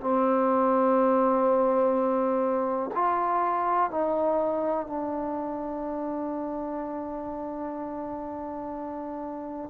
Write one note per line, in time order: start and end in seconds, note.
0.00 2.90 C4
2.94 3.91 F4
3.91 4.87 D#4
4.87 9.70 D4